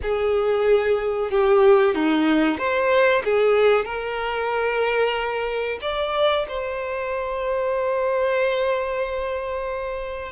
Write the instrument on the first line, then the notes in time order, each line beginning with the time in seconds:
violin
0.02 G#4
1.30 G4
1.94 D#4
2.57 C5
3.24 G#4
3.85 A#4
5.81 D5
6.48 C5